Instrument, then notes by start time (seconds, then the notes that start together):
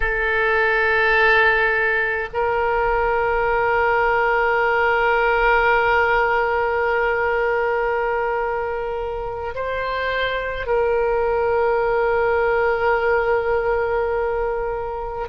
oboe
0.00 A4
2.33 A#4
9.55 C5
10.66 A#4